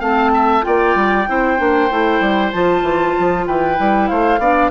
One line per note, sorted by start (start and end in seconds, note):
0.00 0.63 A3
0.00 0.62 C4
0.00 0.31 F5
0.00 0.64 A5
0.34 0.65 E5
0.62 0.95 A#3
0.62 1.24 F4
0.62 1.29 D5
0.62 2.52 G5
0.95 1.26 G3
1.28 1.59 C4
1.28 1.57 E4
1.28 3.47 C5
1.57 1.91 A#3
1.57 1.89 D4
1.90 2.20 A3
1.90 2.53 E4
2.20 2.52 G3
2.52 2.82 F3
2.52 3.76 F4
2.52 3.45 A5
2.82 3.14 E3
3.19 3.47 F3
3.47 3.79 E3
3.47 4.09 B4
3.47 4.08 G5
3.76 4.10 G3
3.76 4.39 E4
4.08 4.39 A3
4.08 4.40 C5
4.08 4.70 F5
4.39 4.70 B3
4.39 4.71 D4
4.39 4.71 D5